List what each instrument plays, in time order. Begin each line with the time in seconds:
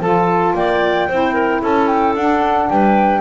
0.00 double bass F3, saxophone F4, clarinet A4, flute A5
0.54 double bass A#3, clarinet D5, flute G5
1.08 double bass C4, saxophone E4, clarinet C5
1.33 clarinet A#4
1.62 double bass C#4, clarinet A4, flute A5
1.87 flute G5
2.15 double bass D4, saxophone D4, flute F#5
2.70 double bass G3, clarinet B4, flute G5